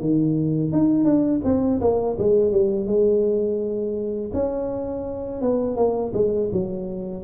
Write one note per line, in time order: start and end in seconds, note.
0.00 0.72 D#3
0.72 1.04 D#4
1.04 1.41 D4
1.44 1.80 C4
1.81 2.17 A#3
2.19 2.52 G#3
2.52 2.87 G3
2.87 4.31 G#3
4.33 5.42 C#4
5.42 5.76 B3
5.76 6.12 A#3
6.13 6.50 G#3
6.52 7.24 F#3